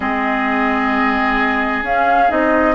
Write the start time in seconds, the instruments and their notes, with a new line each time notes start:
0.00 bassoon G#3, clarinet C4, oboe G#4, flute D#5
1.82 bassoon C#4, clarinet C#4, flute F5
2.28 bassoon C4, clarinet D#4, flute D#5